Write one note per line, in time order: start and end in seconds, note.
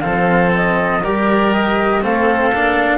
0.00 1.02 F3
0.00 1.02 C4
0.00 1.02 A4
0.00 0.50 F5
0.55 1.04 D#5
1.02 2.02 G3
1.02 2.01 G4
1.02 2.02 A#4
1.02 1.53 D5
1.53 2.03 D#5
2.01 2.53 A3
2.01 2.51 C4
2.01 2.97 A4
2.01 2.97 F5
2.54 2.97 A#3
2.54 2.97 D4